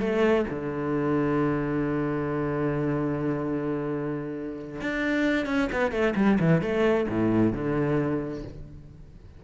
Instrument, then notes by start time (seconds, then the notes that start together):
cello
0.00 A3
0.50 D3
4.81 D4
5.46 C#4
5.72 B3
5.92 A3
6.16 G3
6.40 E3
6.62 A3
7.09 A2
7.53 D3